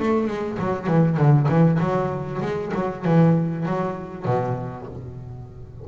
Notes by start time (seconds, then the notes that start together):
0.00 A3
0.28 G#3
0.59 F#3
0.87 E3
1.17 D3
1.49 E3
1.80 F#3
2.42 G#3
2.75 F#3
3.05 E3
3.66 F#3
4.26 B2